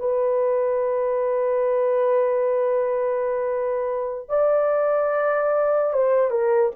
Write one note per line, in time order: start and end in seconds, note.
0.00 4.30 B4
4.30 5.94 D5
5.94 6.31 C5
6.31 6.72 A#4